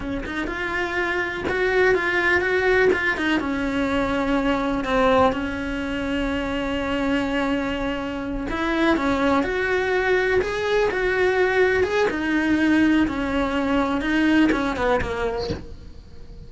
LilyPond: \new Staff \with { instrumentName = "cello" } { \time 4/4 \tempo 4 = 124 cis'8 dis'8 f'2 fis'4 | f'4 fis'4 f'8 dis'8 cis'4~ | cis'2 c'4 cis'4~ | cis'1~ |
cis'4. e'4 cis'4 fis'8~ | fis'4. gis'4 fis'4.~ | fis'8 gis'8 dis'2 cis'4~ | cis'4 dis'4 cis'8 b8 ais4 | }